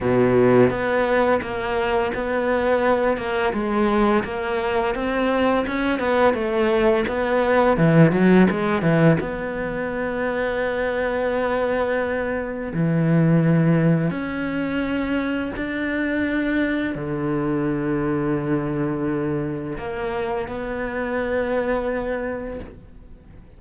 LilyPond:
\new Staff \with { instrumentName = "cello" } { \time 4/4 \tempo 4 = 85 b,4 b4 ais4 b4~ | b8 ais8 gis4 ais4 c'4 | cis'8 b8 a4 b4 e8 fis8 | gis8 e8 b2.~ |
b2 e2 | cis'2 d'2 | d1 | ais4 b2. | }